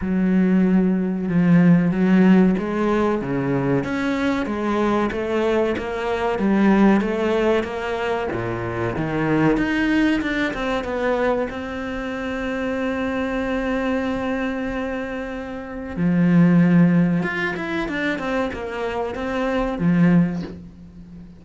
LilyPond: \new Staff \with { instrumentName = "cello" } { \time 4/4 \tempo 4 = 94 fis2 f4 fis4 | gis4 cis4 cis'4 gis4 | a4 ais4 g4 a4 | ais4 ais,4 dis4 dis'4 |
d'8 c'8 b4 c'2~ | c'1~ | c'4 f2 f'8 e'8 | d'8 c'8 ais4 c'4 f4 | }